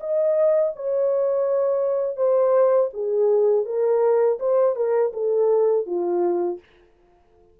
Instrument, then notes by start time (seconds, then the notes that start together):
horn
0.00 D#5
0.76 C#5
2.17 C5
2.93 G#4
3.66 A#4
4.39 C5
4.76 A#4
5.13 A4
5.86 F4